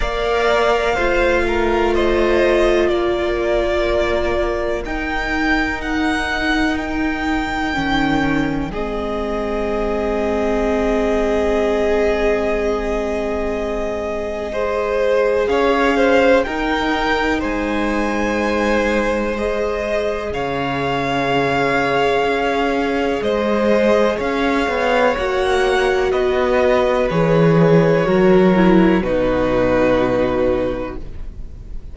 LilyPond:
<<
  \new Staff \with { instrumentName = "violin" } { \time 4/4 \tempo 4 = 62 f''2 dis''4 d''4~ | d''4 g''4 fis''4 g''4~ | g''4 dis''2.~ | dis''1 |
f''4 g''4 gis''2 | dis''4 f''2. | dis''4 f''4 fis''4 dis''4 | cis''2 b'2 | }
  \new Staff \with { instrumentName = "violin" } { \time 4/4 d''4 c''8 ais'8 c''4 ais'4~ | ais'1~ | ais'4 gis'2.~ | gis'2. c''4 |
cis''8 c''8 ais'4 c''2~ | c''4 cis''2. | c''4 cis''2 b'4~ | b'4 ais'4 fis'2 | }
  \new Staff \with { instrumentName = "viola" } { \time 4/4 ais'4 f'2.~ | f'4 dis'2. | cis'4 c'2.~ | c'2. gis'4~ |
gis'4 dis'2. | gis'1~ | gis'2 fis'2 | gis'4 fis'8 e'8 dis'2 | }
  \new Staff \with { instrumentName = "cello" } { \time 4/4 ais4 a2 ais4~ | ais4 dis'2. | dis4 gis2.~ | gis1 |
cis'4 dis'4 gis2~ | gis4 cis2 cis'4 | gis4 cis'8 b8 ais4 b4 | e4 fis4 b,2 | }
>>